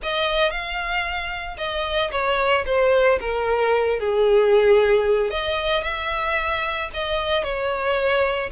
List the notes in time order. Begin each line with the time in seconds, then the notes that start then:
0.03 D#5
0.50 F5
1.57 D#5
2.11 C#5
2.65 C5
3.20 A#4
3.99 G#4
5.30 D#5
5.83 E5
6.93 D#5
7.43 C#5